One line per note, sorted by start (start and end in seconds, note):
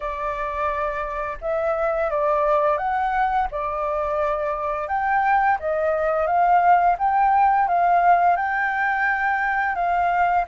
0.00 1.38 D5
1.41 2.10 E5
2.10 2.77 D5
2.77 3.47 F#5
3.51 4.88 D5
4.88 5.58 G5
5.59 6.26 D#5
6.26 6.96 F5
6.98 7.67 G5
7.67 8.36 F5
8.36 9.75 G5
9.75 10.45 F5